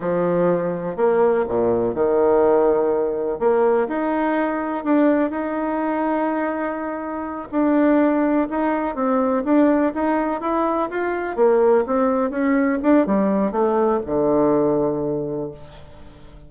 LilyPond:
\new Staff \with { instrumentName = "bassoon" } { \time 4/4 \tempo 4 = 124 f2 ais4 ais,4 | dis2. ais4 | dis'2 d'4 dis'4~ | dis'2.~ dis'8 d'8~ |
d'4. dis'4 c'4 d'8~ | d'8 dis'4 e'4 f'4 ais8~ | ais8 c'4 cis'4 d'8 g4 | a4 d2. | }